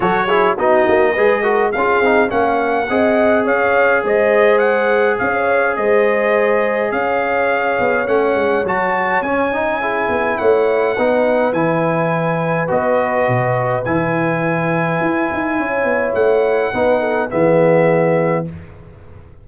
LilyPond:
<<
  \new Staff \with { instrumentName = "trumpet" } { \time 4/4 \tempo 4 = 104 cis''4 dis''2 f''4 | fis''2 f''4 dis''4 | fis''4 f''4 dis''2 | f''2 fis''4 a''4 |
gis''2 fis''2 | gis''2 dis''2 | gis''1 | fis''2 e''2 | }
  \new Staff \with { instrumentName = "horn" } { \time 4/4 a'8 gis'8 fis'4 b'8 ais'8 gis'4 | f''4 dis''4 cis''4 c''4~ | c''4 cis''4 c''2 | cis''1~ |
cis''4 gis'4 cis''4 b'4~ | b'1~ | b'2. cis''4~ | cis''4 b'8 a'8 gis'2 | }
  \new Staff \with { instrumentName = "trombone" } { \time 4/4 fis'8 e'8 dis'4 gis'8 fis'8 f'8 dis'8 | cis'4 gis'2.~ | gis'1~ | gis'2 cis'4 fis'4 |
cis'8 dis'8 e'2 dis'4 | e'2 fis'2 | e'1~ | e'4 dis'4 b2 | }
  \new Staff \with { instrumentName = "tuba" } { \time 4/4 fis4 b8 ais8 gis4 cis'8 c'8 | ais4 c'4 cis'4 gis4~ | gis4 cis'4 gis2 | cis'4. b8 a8 gis8 fis4 |
cis'4. b8 a4 b4 | e2 b4 b,4 | e2 e'8 dis'8 cis'8 b8 | a4 b4 e2 | }
>>